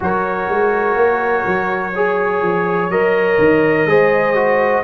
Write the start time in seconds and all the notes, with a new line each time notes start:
0.00 F#3 F#4 A#4 C#5
0.49 G#3
0.96 A#3
1.46 F#3
1.94 G#4 C#5
2.42 F3
2.89 F#3 A#4 D#5
3.38 D#3
3.85 G#3 G#4 C5
4.35 F#4